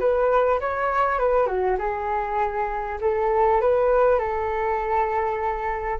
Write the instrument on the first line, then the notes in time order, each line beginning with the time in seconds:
flute
0.00 B4
0.60 C#5
1.19 B4
1.46 F#4
1.79 G#4
3.01 A4
3.61 B4
4.19 A4